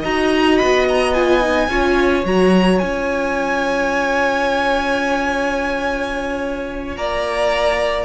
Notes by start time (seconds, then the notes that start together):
0.00 D#4 F#4 D#5 A#5
0.58 B3 B5
0.89 A#5
1.14 F4 G#5
1.42 D#4
1.69 C#4 F4 C#5
2.25 F#3 F#4 A#5
2.79 C#4 F4 G#5
6.97 A#3 D5 A#5